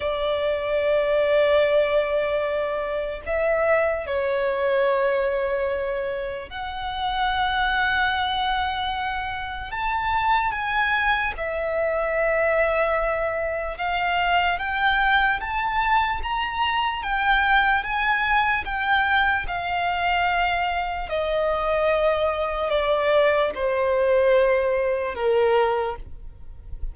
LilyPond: \new Staff \with { instrumentName = "violin" } { \time 4/4 \tempo 4 = 74 d''1 | e''4 cis''2. | fis''1 | a''4 gis''4 e''2~ |
e''4 f''4 g''4 a''4 | ais''4 g''4 gis''4 g''4 | f''2 dis''2 | d''4 c''2 ais'4 | }